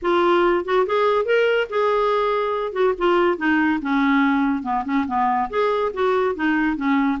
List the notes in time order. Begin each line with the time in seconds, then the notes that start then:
0.01 F4
0.65 F#4
0.86 G#4
1.25 A#4
1.69 G#4
2.72 F#4
2.98 F4
3.37 D#4
3.81 C#4
4.62 B3
4.84 C#4
5.07 B3
5.49 G#4
5.93 F#4
6.35 D#4
6.76 C#4